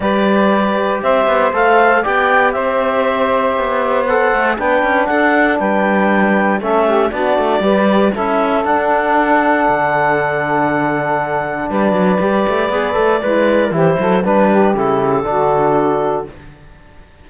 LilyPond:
<<
  \new Staff \with { instrumentName = "clarinet" } { \time 4/4 \tempo 4 = 118 d''2 e''4 f''4 | g''4 e''2. | fis''4 g''4 fis''4 g''4~ | g''4 e''4 d''2 |
e''4 fis''2.~ | fis''2. d''4~ | d''2. c''4 | b'4 a'2. | }
  \new Staff \with { instrumentName = "saxophone" } { \time 4/4 b'2 c''2 | d''4 c''2.~ | c''4 b'4 a'4 b'4~ | b'4 a'8 g'8 fis'4 b'4 |
a'1~ | a'2. b'4~ | b'2 e'4 g'8 a'8 | b'8 g'4. fis'2 | }
  \new Staff \with { instrumentName = "trombone" } { \time 4/4 g'2. a'4 | g'1 | a'4 d'2.~ | d'4 cis'4 d'4 g'4 |
e'4 d'2.~ | d'1 | g'4 gis'8 a'8 b'4 e'4 | d'4 e'4 d'2 | }
  \new Staff \with { instrumentName = "cello" } { \time 4/4 g2 c'8 b8 a4 | b4 c'2 b4~ | b8 a8 b8 cis'8 d'4 g4~ | g4 a4 b8 a8 g4 |
cis'4 d'2 d4~ | d2. g8 fis8 | g8 a8 b8 a8 gis4 e8 fis8 | g4 cis4 d2 | }
>>